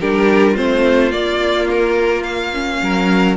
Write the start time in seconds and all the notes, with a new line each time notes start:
0.00 G3 D4 G4 A#4
0.52 A3 C4 F4 C5
1.11 A#3 D5
1.70 A#4
2.23 F5
2.53 C#4
2.82 F#3 A#4